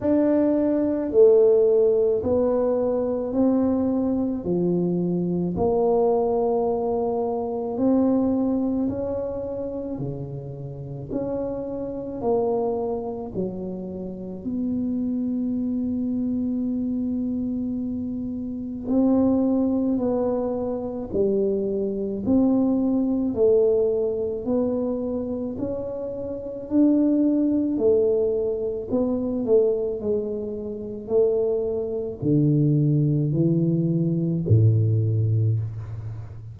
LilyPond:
\new Staff \with { instrumentName = "tuba" } { \time 4/4 \tempo 4 = 54 d'4 a4 b4 c'4 | f4 ais2 c'4 | cis'4 cis4 cis'4 ais4 | fis4 b2.~ |
b4 c'4 b4 g4 | c'4 a4 b4 cis'4 | d'4 a4 b8 a8 gis4 | a4 d4 e4 a,4 | }